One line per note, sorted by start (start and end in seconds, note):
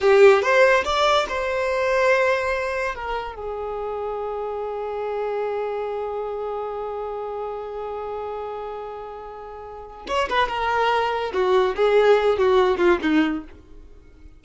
0.01 0.42 G4
0.42 0.84 C5
0.84 1.26 D5
1.29 2.95 C5
2.95 3.35 A#4
3.35 10.06 G#4
10.07 10.28 C#5
10.29 10.48 B4
10.48 11.32 A#4
11.33 11.75 F#4
11.75 12.38 G#4
12.38 12.77 F#4
12.77 12.98 F4
13.01 13.43 D#4